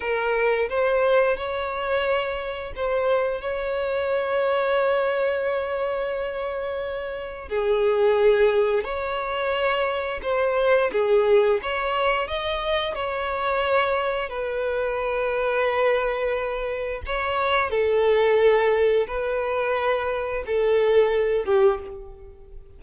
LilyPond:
\new Staff \with { instrumentName = "violin" } { \time 4/4 \tempo 4 = 88 ais'4 c''4 cis''2 | c''4 cis''2.~ | cis''2. gis'4~ | gis'4 cis''2 c''4 |
gis'4 cis''4 dis''4 cis''4~ | cis''4 b'2.~ | b'4 cis''4 a'2 | b'2 a'4. g'8 | }